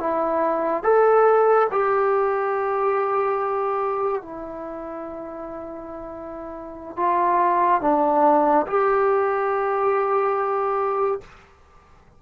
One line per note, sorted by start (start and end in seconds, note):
0.00 0.83 E4
0.83 1.68 A4
1.71 4.22 G4
4.22 6.97 E4
6.97 7.81 F4
7.82 8.66 D4
8.67 11.21 G4